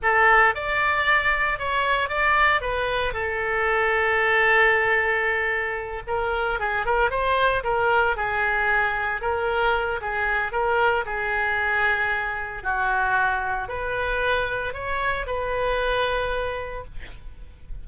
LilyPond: \new Staff \with { instrumentName = "oboe" } { \time 4/4 \tempo 4 = 114 a'4 d''2 cis''4 | d''4 b'4 a'2~ | a'2.~ a'8 ais'8~ | ais'8 gis'8 ais'8 c''4 ais'4 gis'8~ |
gis'4. ais'4. gis'4 | ais'4 gis'2. | fis'2 b'2 | cis''4 b'2. | }